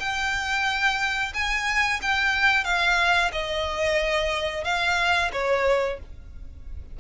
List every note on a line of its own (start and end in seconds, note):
0.00 1.33 G5
1.34 2.01 G#5
2.02 2.65 G5
2.65 3.31 F5
3.32 4.65 D#5
4.65 5.31 F5
5.33 6.00 C#5